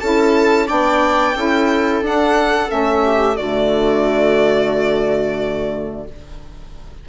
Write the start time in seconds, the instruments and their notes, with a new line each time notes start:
0.00 bassoon C#4, saxophone E4, viola A4, violin A5
0.67 bassoon B3, saxophone D4, viola D5, violin G5
1.36 bassoon C#4, saxophone E4, viola A4
2.02 bassoon D4, saxophone D4, violin F#5
2.68 bassoon A3, saxophone C#4, violin E5
3.05 viola G4
3.37 bassoon D3, saxophone A3, viola F#4, violin D5